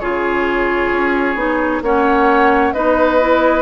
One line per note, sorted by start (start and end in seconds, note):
0.00 0.91 C#3
0.00 1.36 F4
0.00 1.83 G#4
0.00 1.82 C#5
0.91 1.35 C#4
1.35 1.81 B3
1.35 1.82 D#4
1.82 2.73 A#3
1.82 2.75 C#4
1.82 2.74 C#5
1.82 2.73 F#5
2.73 3.62 B3
2.73 3.20 D#4
2.73 3.62 B4
2.73 3.62 D#5
3.20 3.62 E4